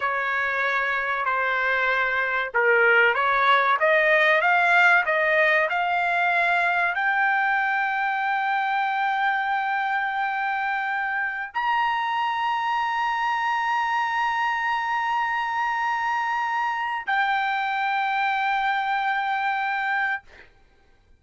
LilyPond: \new Staff \with { instrumentName = "trumpet" } { \time 4/4 \tempo 4 = 95 cis''2 c''2 | ais'4 cis''4 dis''4 f''4 | dis''4 f''2 g''4~ | g''1~ |
g''2~ g''16 ais''4.~ ais''16~ | ais''1~ | ais''2. g''4~ | g''1 | }